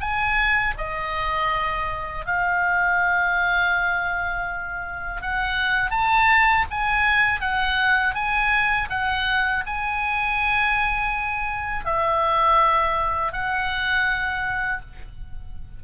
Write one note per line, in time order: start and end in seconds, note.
0.00 0.74 G#5
0.78 2.26 D#5
2.26 5.22 F5
5.22 5.90 F#5
5.90 6.64 A5
6.70 7.40 G#5
7.40 8.14 F#5
8.14 8.89 G#5
8.90 9.64 F#5
9.66 11.85 G#5
11.85 13.32 E5
13.32 14.80 F#5